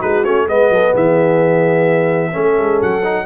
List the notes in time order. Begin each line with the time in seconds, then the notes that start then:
0.00 G#3 D#4 F#4 B4
0.24 A3 C#4 C#5
0.48 G#3 B3 B4 D#5
0.70 F#3 A4
0.91 E3 G#4 E5
2.32 A3 C#4 A4
2.58 G#3
2.82 F#3 F#5
3.04 D#4